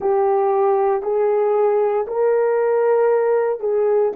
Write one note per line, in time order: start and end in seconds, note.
0.00 1.02 G4
1.02 2.05 G#4
2.07 3.60 A#4
3.60 4.11 G#4